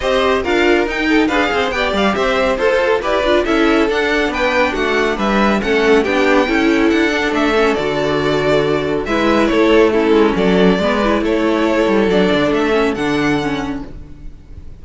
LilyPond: <<
  \new Staff \with { instrumentName = "violin" } { \time 4/4 \tempo 4 = 139 dis''4 f''4 g''4 f''4 | g''8 f''8 e''4 c''4 d''4 | e''4 fis''4 g''4 fis''4 | e''4 fis''4 g''2 |
fis''4 e''4 d''2~ | d''4 e''4 cis''4 a'4 | d''2 cis''2 | d''4 e''4 fis''2 | }
  \new Staff \with { instrumentName = "violin" } { \time 4/4 c''4 ais'4. a'8 b'8 c''8 | d''4 c''4 a'4 b'4 | a'2 b'4 fis'4 | b'4 a'4 g'4 a'4~ |
a'1~ | a'4 b'4 a'4 e'4 | a'4 b'4 a'2~ | a'1 | }
  \new Staff \with { instrumentName = "viola" } { \time 4/4 g'4 f'4 dis'4 gis'4 | g'2 a'4 g'8 f'8 | e'4 d'2.~ | d'4 cis'4 d'4 e'4~ |
e'8 d'4 cis'8 fis'2~ | fis'4 e'2 cis'4~ | cis'4 b8 e'2~ e'8 | d'4. cis'8 d'4 cis'4 | }
  \new Staff \with { instrumentName = "cello" } { \time 4/4 c'4 d'4 dis'4 d'8 c'8 | b8 g8 c'4 f'4 e'8 d'8 | cis'4 d'4 b4 a4 | g4 a4 b4 cis'4 |
d'4 a4 d2~ | d4 gis4 a4. gis8 | fis4 gis4 a4. g8 | fis8 d8 a4 d2 | }
>>